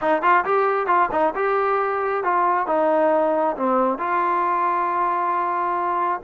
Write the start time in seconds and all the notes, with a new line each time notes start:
0.01 D#4
0.22 F4
0.44 G4
0.86 F4
1.11 D#4
1.35 G4
2.23 F4
2.67 D#4
3.56 C4
3.98 F4